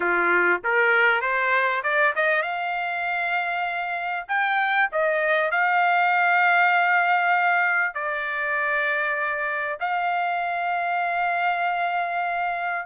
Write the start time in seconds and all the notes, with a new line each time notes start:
0.00 F4
0.64 A#4
1.21 C5
1.83 D5
2.15 D#5
2.42 F5
4.28 G5
4.92 D#5
5.51 F5
7.94 D5
9.80 F5